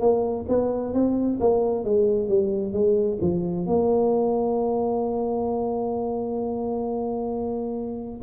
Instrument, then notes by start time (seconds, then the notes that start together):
tuba
0.00 A#3
0.48 B3
0.93 C4
1.40 A#3
1.84 G#3
2.29 G3
2.73 G#3
3.21 F3
3.66 A#3